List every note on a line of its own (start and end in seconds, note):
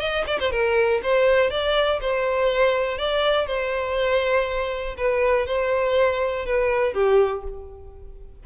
0.00 0.25 D#5
0.27 0.40 D5
0.40 0.51 C5
0.51 1.01 A#4
1.03 1.51 C5
1.51 2.00 D5
2.02 2.98 C5
2.98 3.47 D5
3.47 4.96 C5
4.97 5.47 B4
5.47 6.46 C5
6.46 6.94 B4
6.94 7.43 G4